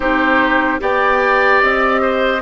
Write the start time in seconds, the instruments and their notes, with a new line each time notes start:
0.00 bassoon C4, clarinet D#4, oboe G4, flute C5
0.78 bassoon B3, clarinet G4, oboe D5, flute G5
1.61 bassoon C4, flute D#5
2.01 oboe C5